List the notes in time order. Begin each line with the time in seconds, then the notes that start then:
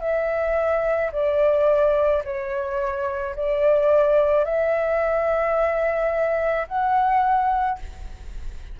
0.00 E5
1.12 D5
2.24 C#5
3.36 D5
4.44 E5
6.68 F#5